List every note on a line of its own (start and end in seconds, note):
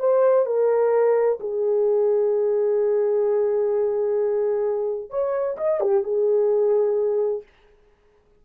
0.00 0.46 C5
0.46 1.39 A#4
1.41 5.11 G#4
5.11 5.57 C#5
5.58 5.81 D#5
5.81 6.04 G4
6.04 7.43 G#4